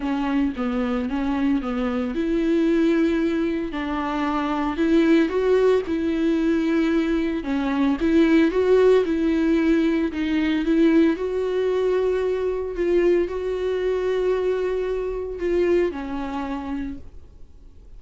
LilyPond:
\new Staff \with { instrumentName = "viola" } { \time 4/4 \tempo 4 = 113 cis'4 b4 cis'4 b4 | e'2. d'4~ | d'4 e'4 fis'4 e'4~ | e'2 cis'4 e'4 |
fis'4 e'2 dis'4 | e'4 fis'2. | f'4 fis'2.~ | fis'4 f'4 cis'2 | }